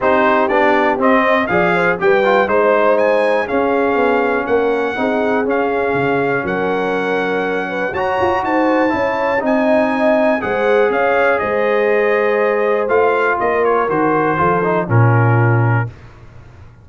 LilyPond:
<<
  \new Staff \with { instrumentName = "trumpet" } { \time 4/4 \tempo 4 = 121 c''4 d''4 dis''4 f''4 | g''4 c''4 gis''4 f''4~ | f''4 fis''2 f''4~ | f''4 fis''2. |
ais''4 a''2 gis''4~ | gis''4 fis''4 f''4 dis''4~ | dis''2 f''4 dis''8 cis''8 | c''2 ais'2 | }
  \new Staff \with { instrumentName = "horn" } { \time 4/4 g'2~ g'8 dis''8 d''8 c''8 | b'4 c''2 gis'4~ | gis'4 ais'4 gis'2~ | gis'4 ais'2~ ais'8 b'8 |
cis''4 c''4 cis''4 dis''4~ | dis''4 c''4 cis''4 c''4~ | c''2. ais'4~ | ais'4 a'4 f'2 | }
  \new Staff \with { instrumentName = "trombone" } { \time 4/4 dis'4 d'4 c'4 gis'4 | g'8 f'8 dis'2 cis'4~ | cis'2 dis'4 cis'4~ | cis'1 |
fis'2 e'4 dis'4~ | dis'4 gis'2.~ | gis'2 f'2 | fis'4 f'8 dis'8 cis'2 | }
  \new Staff \with { instrumentName = "tuba" } { \time 4/4 c'4 b4 c'4 f4 | g4 gis2 cis'4 | b4 ais4 c'4 cis'4 | cis4 fis2. |
fis'8 f'8 dis'4 cis'4 c'4~ | c'4 gis4 cis'4 gis4~ | gis2 a4 ais4 | dis4 f4 ais,2 | }
>>